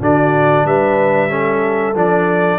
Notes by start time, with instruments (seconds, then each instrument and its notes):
0.00 tuba D3, trombone D4, horn F#4, trumpet D5
0.64 tuba G3, horn B4, trumpet E5
1.29 trombone C#4, horn A4
1.95 tuba F3, trombone D4, trumpet D5